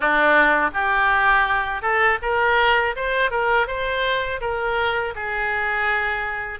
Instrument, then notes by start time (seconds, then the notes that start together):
oboe
0.00 D4
0.73 G4
1.82 A4
2.22 A#4
2.95 C5
3.30 A#4
3.67 C5
4.40 A#4
5.15 G#4